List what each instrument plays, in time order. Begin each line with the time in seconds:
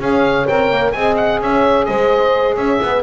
0.00 double bass C#4, saxophone G#4, horn C#5, oboe F5
0.47 double bass C4, saxophone A#4, oboe G5
0.71 double bass A#3
0.91 double bass C4, saxophone G#4, horn D#5, oboe G#5
1.16 oboe F#5
1.41 double bass C#4, horn C#5, oboe E5
1.85 double bass G#3, horn C5, oboe D#5
2.56 double bass C#4, horn C#5, oboe E5
2.83 double bass B3, horn B4